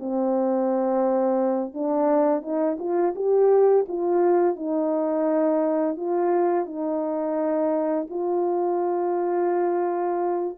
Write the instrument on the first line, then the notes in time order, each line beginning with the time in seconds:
horn
0.00 C4
1.74 D4
2.43 D#4
2.79 F4
3.16 G4
3.89 F4
4.56 D#4
5.97 F4
6.66 D#4
8.10 F4